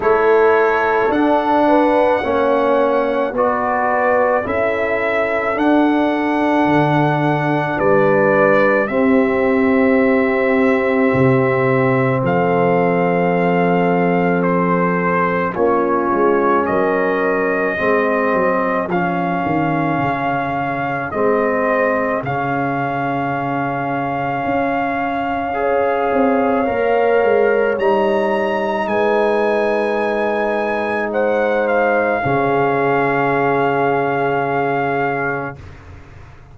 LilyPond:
<<
  \new Staff \with { instrumentName = "trumpet" } { \time 4/4 \tempo 4 = 54 cis''4 fis''2 d''4 | e''4 fis''2 d''4 | e''2. f''4~ | f''4 c''4 cis''4 dis''4~ |
dis''4 f''2 dis''4 | f''1~ | f''4 ais''4 gis''2 | fis''8 f''2.~ f''8 | }
  \new Staff \with { instrumentName = "horn" } { \time 4/4 a'4. b'8 cis''4 b'4 | a'2. b'4 | g'2. a'4~ | a'2 f'4 ais'4 |
gis'1~ | gis'2. cis''4~ | cis''2 b'2 | c''4 gis'2. | }
  \new Staff \with { instrumentName = "trombone" } { \time 4/4 e'4 d'4 cis'4 fis'4 | e'4 d'2. | c'1~ | c'2 cis'2 |
c'4 cis'2 c'4 | cis'2. gis'4 | ais'4 dis'2.~ | dis'4 cis'2. | }
  \new Staff \with { instrumentName = "tuba" } { \time 4/4 a4 d'4 ais4 b4 | cis'4 d'4 d4 g4 | c'2 c4 f4~ | f2 ais8 gis8 fis4 |
gis8 fis8 f8 dis8 cis4 gis4 | cis2 cis'4. c'8 | ais8 gis8 g4 gis2~ | gis4 cis2. | }
>>